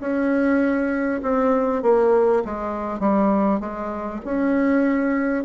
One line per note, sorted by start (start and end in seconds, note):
0.00 1.21 C#4
1.23 1.82 C4
1.82 2.43 A#3
2.45 3.00 G#3
3.00 3.60 G3
3.60 4.21 G#3
4.25 5.45 C#4